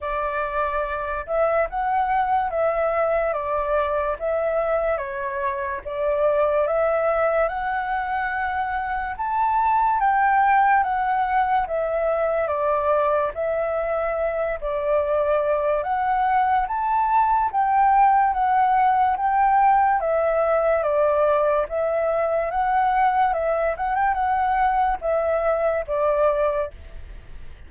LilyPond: \new Staff \with { instrumentName = "flute" } { \time 4/4 \tempo 4 = 72 d''4. e''8 fis''4 e''4 | d''4 e''4 cis''4 d''4 | e''4 fis''2 a''4 | g''4 fis''4 e''4 d''4 |
e''4. d''4. fis''4 | a''4 g''4 fis''4 g''4 | e''4 d''4 e''4 fis''4 | e''8 fis''16 g''16 fis''4 e''4 d''4 | }